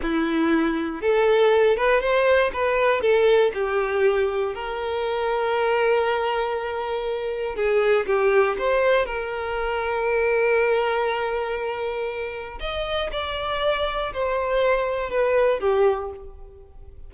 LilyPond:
\new Staff \with { instrumentName = "violin" } { \time 4/4 \tempo 4 = 119 e'2 a'4. b'8 | c''4 b'4 a'4 g'4~ | g'4 ais'2.~ | ais'2. gis'4 |
g'4 c''4 ais'2~ | ais'1~ | ais'4 dis''4 d''2 | c''2 b'4 g'4 | }